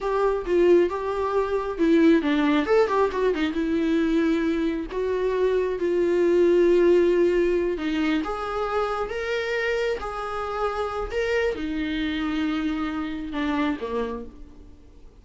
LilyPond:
\new Staff \with { instrumentName = "viola" } { \time 4/4 \tempo 4 = 135 g'4 f'4 g'2 | e'4 d'4 a'8 g'8 fis'8 dis'8 | e'2. fis'4~ | fis'4 f'2.~ |
f'4. dis'4 gis'4.~ | gis'8 ais'2 gis'4.~ | gis'4 ais'4 dis'2~ | dis'2 d'4 ais4 | }